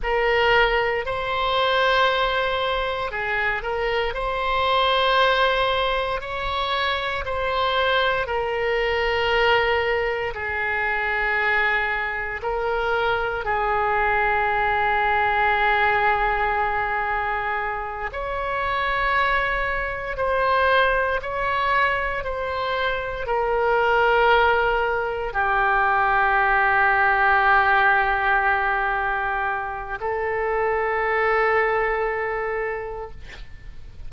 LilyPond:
\new Staff \with { instrumentName = "oboe" } { \time 4/4 \tempo 4 = 58 ais'4 c''2 gis'8 ais'8 | c''2 cis''4 c''4 | ais'2 gis'2 | ais'4 gis'2.~ |
gis'4. cis''2 c''8~ | c''8 cis''4 c''4 ais'4.~ | ais'8 g'2.~ g'8~ | g'4 a'2. | }